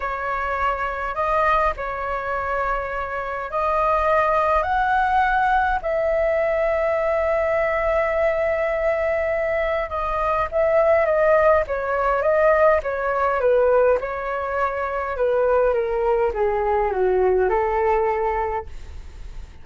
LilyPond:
\new Staff \with { instrumentName = "flute" } { \time 4/4 \tempo 4 = 103 cis''2 dis''4 cis''4~ | cis''2 dis''2 | fis''2 e''2~ | e''1~ |
e''4 dis''4 e''4 dis''4 | cis''4 dis''4 cis''4 b'4 | cis''2 b'4 ais'4 | gis'4 fis'4 a'2 | }